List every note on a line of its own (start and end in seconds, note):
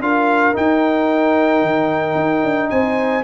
0.00 0.54 D4
0.00 0.53 F4
0.00 2.71 A#4
0.00 0.56 F5
0.53 3.23 D#4
0.53 1.62 D#4
0.53 2.69 G5
1.62 2.15 D#3
2.15 2.42 D#4
2.43 2.70 D4
2.69 3.23 C4
2.69 3.23 C5
2.69 3.23 G#5